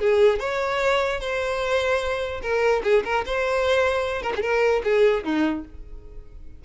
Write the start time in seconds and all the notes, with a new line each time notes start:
0.00 G#4
0.40 C#5
1.21 C5
2.42 A#4
2.84 G#4
3.05 A#4
3.26 C5
4.23 A#4
4.36 G#4 A#4
4.84 G#4
5.24 D#4